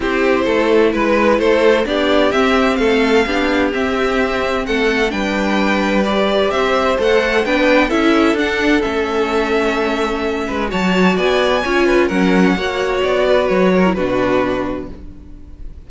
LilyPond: <<
  \new Staff \with { instrumentName = "violin" } { \time 4/4 \tempo 4 = 129 c''2 b'4 c''4 | d''4 e''4 f''2 | e''2 fis''4 g''4~ | g''4 d''4 e''4 fis''4 |
g''4 e''4 fis''4 e''4~ | e''2. a''4 | gis''2 fis''2 | d''4 cis''4 b'2 | }
  \new Staff \with { instrumentName = "violin" } { \time 4/4 g'4 a'4 b'4 a'4 | g'2 a'4 g'4~ | g'2 a'4 b'4~ | b'2 c''2 |
b'4 a'2.~ | a'2~ a'8 b'8 cis''4 | d''4 cis''8 b'8 ais'4 cis''4~ | cis''8 b'4 ais'8 fis'2 | }
  \new Staff \with { instrumentName = "viola" } { \time 4/4 e'1 | d'4 c'2 d'4 | c'2. d'4~ | d'4 g'2 a'4 |
d'4 e'4 d'4 cis'4~ | cis'2. fis'4~ | fis'4 f'4 cis'4 fis'4~ | fis'4.~ fis'16 e'16 d'2 | }
  \new Staff \with { instrumentName = "cello" } { \time 4/4 c'4 a4 gis4 a4 | b4 c'4 a4 b4 | c'2 a4 g4~ | g2 c'4 a4 |
b4 cis'4 d'4 a4~ | a2~ a8 gis8 fis4 | b4 cis'4 fis4 ais4 | b4 fis4 b,2 | }
>>